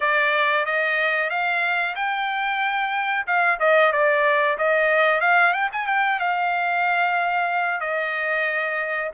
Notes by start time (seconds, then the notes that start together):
0.00 D5
0.65 D#5
1.30 F5
1.95 G5
3.26 F5
3.59 D#5
3.92 D5
4.58 D#5
5.20 F5
5.53 G5
5.72 G#5
5.86 G5
6.19 F5
7.80 D#5